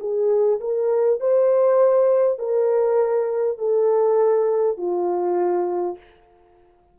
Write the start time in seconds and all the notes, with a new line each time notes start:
0.00 G#4
0.60 A#4
1.20 C5
2.38 A#4
3.58 A4
4.77 F4